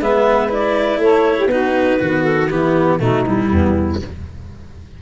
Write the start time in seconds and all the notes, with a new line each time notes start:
0.00 G#3 B3 B4 E5
0.49 E4 D5
0.98 A3 A4 C#5
1.38 G4
1.47 B3 D#4 F#4 B4
2.00 D#3 B3 F#4
2.24 A4
2.49 E3 B3 E4 G4
2.98 B2 A3 D#4 F#4
3.26 G3 E4
3.50 E2 B3